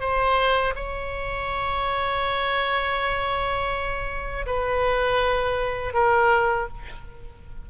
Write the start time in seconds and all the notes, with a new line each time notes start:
0.00 C5
0.75 C#5
4.46 B4
5.94 A#4